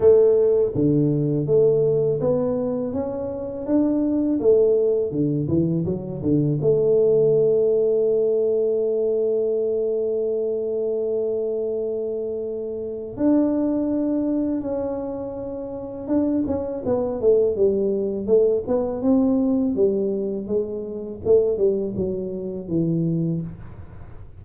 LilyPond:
\new Staff \with { instrumentName = "tuba" } { \time 4/4 \tempo 4 = 82 a4 d4 a4 b4 | cis'4 d'4 a4 d8 e8 | fis8 d8 a2.~ | a1~ |
a2 d'2 | cis'2 d'8 cis'8 b8 a8 | g4 a8 b8 c'4 g4 | gis4 a8 g8 fis4 e4 | }